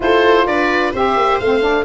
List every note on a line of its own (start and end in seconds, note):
0.00 0.46 E4
0.00 0.93 F4
0.00 0.47 A4
0.00 0.46 C5
0.46 0.92 D4
0.46 0.93 B4
0.46 0.93 D5
0.93 1.16 C4
0.93 1.41 G4
0.93 1.85 C5
0.93 1.39 E5
1.16 1.39 A#3
1.39 1.85 A3
1.39 1.61 C4
1.39 1.85 F5
1.61 1.84 D4